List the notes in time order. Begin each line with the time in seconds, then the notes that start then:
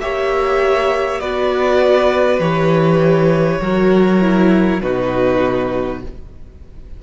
0.00 A#3 G4 C#5 E5
1.20 B3 F#4 B4 D5
2.39 E3 G4 C#5
3.61 F#3 F#4 A#4
4.21 E4
4.81 B2 D#4 F#4 B4